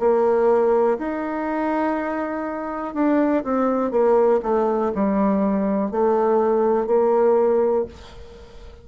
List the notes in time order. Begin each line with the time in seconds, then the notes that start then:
0.00 A#3
0.99 D#4
2.95 D4
3.44 C4
3.91 A#3
4.43 A3
4.95 G3
5.91 A3
6.87 A#3